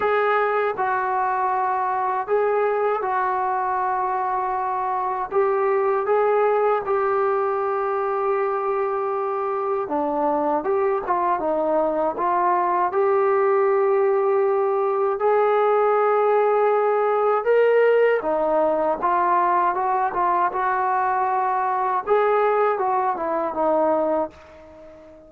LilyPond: \new Staff \with { instrumentName = "trombone" } { \time 4/4 \tempo 4 = 79 gis'4 fis'2 gis'4 | fis'2. g'4 | gis'4 g'2.~ | g'4 d'4 g'8 f'8 dis'4 |
f'4 g'2. | gis'2. ais'4 | dis'4 f'4 fis'8 f'8 fis'4~ | fis'4 gis'4 fis'8 e'8 dis'4 | }